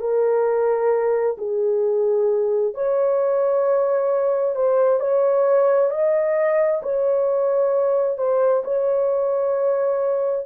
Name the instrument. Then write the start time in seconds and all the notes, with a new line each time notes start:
horn
0.00 A#4
1.38 G#4
2.74 C#5
4.55 C5
5.00 C#5
5.90 D#5
6.83 C#5
8.18 C5
8.64 C#5